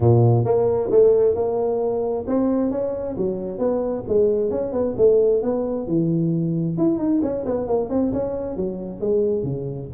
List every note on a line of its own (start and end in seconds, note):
0.00 0.44 A#2
0.44 0.89 A#3
0.90 1.35 A3
1.35 2.25 A#3
2.27 2.71 C4
2.71 3.16 C#4
3.17 3.58 F#3
3.58 4.03 B3
4.08 4.50 G#3
4.50 4.72 C#4
4.72 4.95 B3
4.97 5.42 A3
5.42 5.87 B3
5.87 6.77 E3
6.77 6.98 E4
6.98 7.21 D#4
7.22 7.44 C#4
7.45 7.67 B3
7.67 7.89 A#3
7.89 8.12 C4
8.12 8.56 C#4
8.56 9.00 F#3
9.00 9.43 G#3
9.43 9.88 C#3